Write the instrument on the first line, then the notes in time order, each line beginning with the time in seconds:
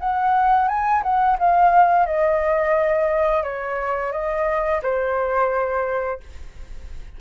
flute
0.00 F#5
0.68 G#5
1.03 F#5
1.39 F5
2.06 D#5
3.43 C#5
4.12 D#5
4.82 C5